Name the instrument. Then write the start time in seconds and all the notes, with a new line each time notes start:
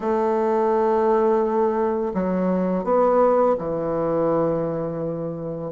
bassoon
0.00 A3
2.14 F#3
2.84 B3
3.58 E3